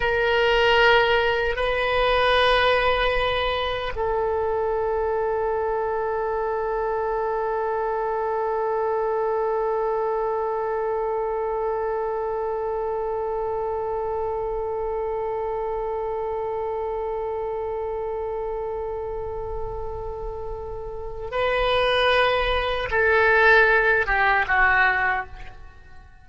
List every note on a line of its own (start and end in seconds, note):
0.00 1.56 A#4
1.56 3.93 B4
3.95 21.31 A4
21.31 22.89 B4
22.90 24.06 A4
24.06 24.45 G4
24.47 25.26 F#4